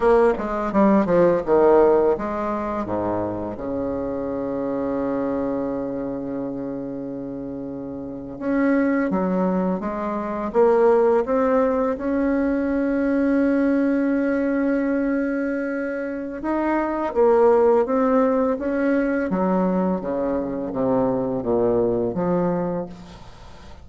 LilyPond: \new Staff \with { instrumentName = "bassoon" } { \time 4/4 \tempo 4 = 84 ais8 gis8 g8 f8 dis4 gis4 | gis,4 cis2.~ | cis2.~ cis8. cis'16~ | cis'8. fis4 gis4 ais4 c'16~ |
c'8. cis'2.~ cis'16~ | cis'2. dis'4 | ais4 c'4 cis'4 fis4 | cis4 c4 ais,4 f4 | }